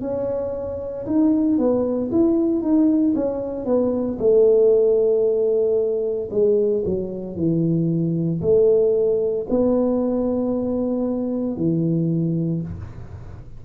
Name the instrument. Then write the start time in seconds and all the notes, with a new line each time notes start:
tuba
0.00 C#4
1.06 D#4
1.58 B3
2.11 E4
2.61 D#4
3.15 C#4
3.65 B3
4.19 A3
6.31 G#3
6.85 F#3
7.35 E3
8.41 A3
9.49 B3
11.56 E3